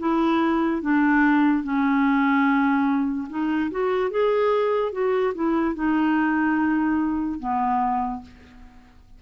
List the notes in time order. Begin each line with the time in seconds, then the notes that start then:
0.00 E4
0.82 D4
1.64 C#4
3.30 D#4
3.71 F#4
4.11 G#4
4.93 F#4
5.35 E4
5.75 D#4
7.40 B3